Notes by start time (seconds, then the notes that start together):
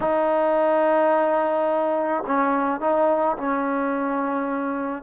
0.00 D#4
2.26 C#4
2.80 D#4
3.37 C#4